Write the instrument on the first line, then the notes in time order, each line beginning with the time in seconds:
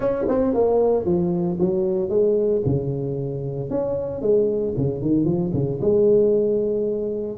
tuba
0.00 C#4
0.28 C4
0.54 A#3
1.05 F3
1.59 F#3
2.09 G#3
2.65 C#3
3.70 C#4
4.21 G#3
4.77 C#3
5.01 D#3
5.24 F3
5.53 C#3
5.81 G#3